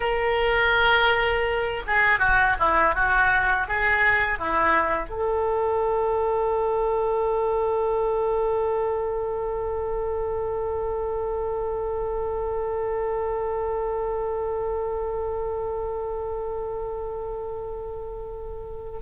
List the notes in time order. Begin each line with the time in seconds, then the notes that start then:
0.00 A#4
1.86 G#4
2.19 F#4
2.59 E4
2.94 F#4
3.68 G#4
4.38 E4
5.09 A4